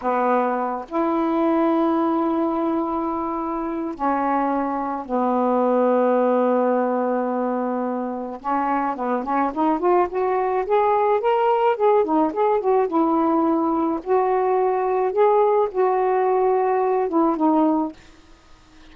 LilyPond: \new Staff \with { instrumentName = "saxophone" } { \time 4/4 \tempo 4 = 107 b4. e'2~ e'8~ | e'2. cis'4~ | cis'4 b2.~ | b2. cis'4 |
b8 cis'8 dis'8 f'8 fis'4 gis'4 | ais'4 gis'8 dis'8 gis'8 fis'8 e'4~ | e'4 fis'2 gis'4 | fis'2~ fis'8 e'8 dis'4 | }